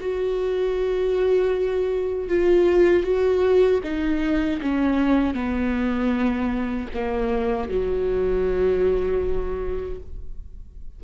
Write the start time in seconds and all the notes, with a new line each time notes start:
0.00 F#4
2.28 F4
3.03 F#4
3.83 D#4
4.61 C#4
5.34 B3
6.93 A#3
7.69 F#3